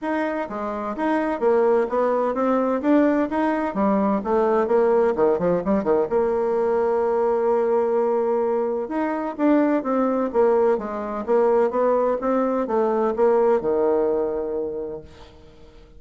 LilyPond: \new Staff \with { instrumentName = "bassoon" } { \time 4/4 \tempo 4 = 128 dis'4 gis4 dis'4 ais4 | b4 c'4 d'4 dis'4 | g4 a4 ais4 dis8 f8 | g8 dis8 ais2.~ |
ais2. dis'4 | d'4 c'4 ais4 gis4 | ais4 b4 c'4 a4 | ais4 dis2. | }